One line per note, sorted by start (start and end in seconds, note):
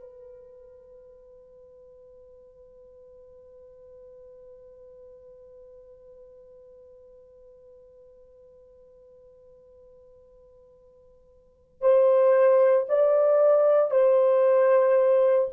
0.00 11.81 B4
11.81 12.87 C5
12.89 13.91 D5
13.91 15.49 C5